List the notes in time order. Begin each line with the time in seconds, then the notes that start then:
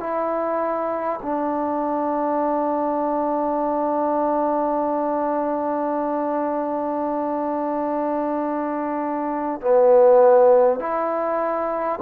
0.00 E4
1.22 D4
9.62 B3
10.79 E4